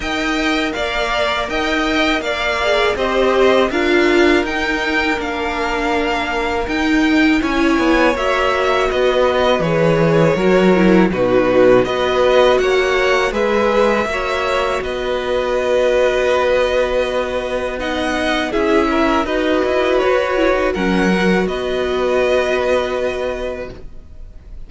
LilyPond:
<<
  \new Staff \with { instrumentName = "violin" } { \time 4/4 \tempo 4 = 81 g''4 f''4 g''4 f''4 | dis''4 f''4 g''4 f''4~ | f''4 g''4 gis''4 e''4 | dis''4 cis''2 b'4 |
dis''4 fis''4 e''2 | dis''1 | fis''4 e''4 dis''4 cis''4 | fis''4 dis''2. | }
  \new Staff \with { instrumentName = "violin" } { \time 4/4 dis''4 d''4 dis''4 d''4 | c''4 ais'2.~ | ais'2 cis''2 | b'2 ais'4 fis'4 |
b'4 cis''4 b'4 cis''4 | b'1 | dis''4 gis'8 ais'8 b'2 | ais'4 b'2. | }
  \new Staff \with { instrumentName = "viola" } { \time 4/4 ais'2.~ ais'8 gis'8 | g'4 f'4 dis'4 d'4~ | d'4 dis'4 e'4 fis'4~ | fis'4 gis'4 fis'8 e'8 dis'4 |
fis'2 gis'4 fis'4~ | fis'1 | dis'4 e'4 fis'4. e'16 dis'16 | cis'8 fis'2.~ fis'8 | }
  \new Staff \with { instrumentName = "cello" } { \time 4/4 dis'4 ais4 dis'4 ais4 | c'4 d'4 dis'4 ais4~ | ais4 dis'4 cis'8 b8 ais4 | b4 e4 fis4 b,4 |
b4 ais4 gis4 ais4 | b1~ | b4 cis'4 dis'8 e'8 fis'4 | fis4 b2. | }
>>